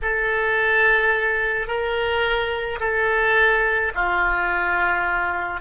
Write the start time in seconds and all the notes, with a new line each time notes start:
0.02 A4
1.67 A#4
2.80 A4
3.94 F4